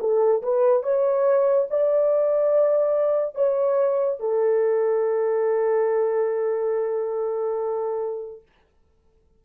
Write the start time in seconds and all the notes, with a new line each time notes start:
0.00 A4
0.43 B4
0.83 C#5
1.70 D5
3.35 C#5
4.20 A4